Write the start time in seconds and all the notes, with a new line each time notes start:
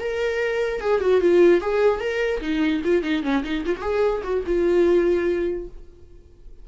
0.00 A#4
0.81 G#4
1.01 F#4
1.22 F4
1.62 G#4
2.01 A#4
2.42 D#4
2.85 F4
3.03 D#4
3.23 C#4
3.44 D#4
3.66 F4
3.77 F#4 G#4
4.24 F#4
4.47 F4